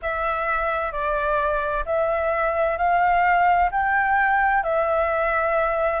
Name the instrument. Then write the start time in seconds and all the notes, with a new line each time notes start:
flute
0.02 E5
0.91 D5
1.85 E5
2.77 F5
3.71 G5
4.63 E5